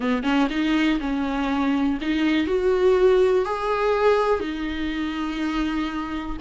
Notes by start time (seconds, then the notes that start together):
0.00 B3
0.23 C#4
0.49 D#4
1.00 C#4
2.01 D#4
2.46 F#4
3.45 G#4
4.40 D#4